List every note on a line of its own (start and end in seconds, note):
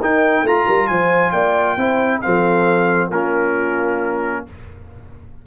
0.00 0.42 D#4
0.00 0.46 D#4
0.00 0.44 A#4
0.00 0.47 G5
0.42 0.65 A3
0.42 0.66 F4
0.42 1.78 F4
0.42 0.87 A#5
0.66 0.90 G3
0.66 0.88 A#4
0.87 1.33 F3
0.87 1.32 C5
0.87 1.31 G#5
1.31 1.77 A#3
1.31 1.77 D5
1.31 2.20 G5
1.77 2.21 C4
1.77 2.22 E4
1.77 2.21 C5
2.21 3.10 F3
2.21 3.11 C4
2.21 3.10 A4
2.21 3.10 F5
3.10 4.44 A#3
3.10 4.47 C#4
3.10 4.43 F4
3.10 4.45 A#4